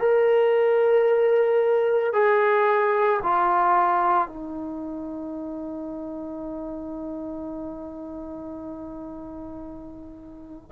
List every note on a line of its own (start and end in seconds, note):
0.00 2.13 A#4
2.13 3.20 G#4
3.23 4.28 F4
4.28 10.71 D#4